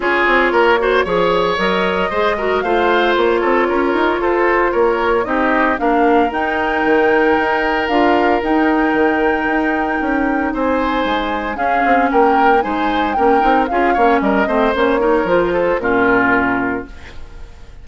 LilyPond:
<<
  \new Staff \with { instrumentName = "flute" } { \time 4/4 \tempo 4 = 114 cis''2. dis''4~ | dis''4 f''4 cis''2 | c''4 cis''4 dis''4 f''4 | g''2. f''4 |
g''1 | gis''2 f''4 g''4 | gis''4 g''4 f''4 dis''4 | cis''4 c''4 ais'2 | }
  \new Staff \with { instrumentName = "oboe" } { \time 4/4 gis'4 ais'8 c''8 cis''2 | c''8 ais'8 c''4. a'8 ais'4 | a'4 ais'4 g'4 ais'4~ | ais'1~ |
ais'1 | c''2 gis'4 ais'4 | c''4 ais'4 gis'8 cis''8 ais'8 c''8~ | c''8 ais'4 a'8 f'2 | }
  \new Staff \with { instrumentName = "clarinet" } { \time 4/4 f'4. fis'8 gis'4 ais'4 | gis'8 fis'8 f'2.~ | f'2 dis'4 d'4 | dis'2. f'4 |
dis'1~ | dis'2 cis'2 | dis'4 cis'8 dis'8 f'8 cis'4 c'8 | cis'8 dis'8 f'4 cis'2 | }
  \new Staff \with { instrumentName = "bassoon" } { \time 4/4 cis'8 c'8 ais4 f4 fis4 | gis4 a4 ais8 c'8 cis'8 dis'8 | f'4 ais4 c'4 ais4 | dis'4 dis4 dis'4 d'4 |
dis'4 dis4 dis'4 cis'4 | c'4 gis4 cis'8 c'8 ais4 | gis4 ais8 c'8 cis'8 ais8 g8 a8 | ais4 f4 ais,2 | }
>>